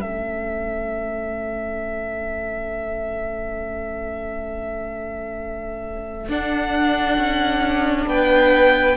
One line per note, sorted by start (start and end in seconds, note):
0.00 6.28 A3
0.00 6.28 C#4
0.00 8.08 A4
0.00 6.27 E5
6.28 7.17 D4
6.28 8.97 D4
6.28 8.08 F#5
7.17 8.06 C#4
8.06 8.96 B3
8.06 8.97 B4
8.06 8.97 G5